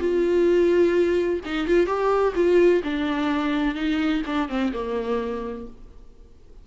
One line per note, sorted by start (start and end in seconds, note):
0.00 1.41 F4
1.46 1.68 D#4
1.68 1.87 F4
1.87 2.34 G4
2.36 2.83 F4
2.84 3.75 D4
3.75 4.22 D#4
4.26 4.49 D4
4.49 4.73 C4
4.73 5.67 A#3